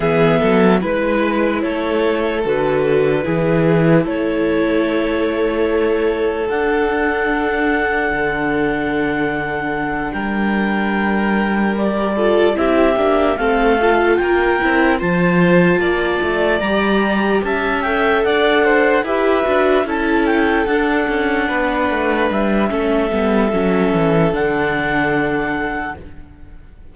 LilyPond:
<<
  \new Staff \with { instrumentName = "clarinet" } { \time 4/4 \tempo 4 = 74 e''4 b'4 cis''4 b'4~ | b'4 cis''2. | fis''1~ | fis''8 g''2 d''4 e''8~ |
e''8 f''4 g''4 a''4.~ | a''8 ais''4 a''8 g''8 fis''4 e''8~ | e''8 a''8 g''8 fis''2 e''8~ | e''2 fis''2 | }
  \new Staff \with { instrumentName = "violin" } { \time 4/4 gis'8 a'8 b'4 a'2 | gis'4 a'2.~ | a'1~ | a'8 ais'2~ ais'8 a'8 g'8~ |
g'8 a'4 ais'4 c''4 d''8~ | d''4. e''4 d''8 c''8 b'8~ | b'8 a'2 b'4. | a'1 | }
  \new Staff \with { instrumentName = "viola" } { \time 4/4 b4 e'2 fis'4 | e'1 | d'1~ | d'2~ d'8 g'8 f'8 e'8 |
d'8 c'8 f'4 e'8 f'4.~ | f'8 g'4. a'4. g'8 | fis'8 e'4 d'2~ d'8 | cis'8 b8 cis'4 d'2 | }
  \new Staff \with { instrumentName = "cello" } { \time 4/4 e8 fis8 gis4 a4 d4 | e4 a2. | d'2 d2~ | d8 g2. c'8 |
ais8 a4 ais8 c'8 f4 ais8 | a8 g4 cis'4 d'4 e'8 | d'8 cis'4 d'8 cis'8 b8 a8 g8 | a8 g8 fis8 e8 d2 | }
>>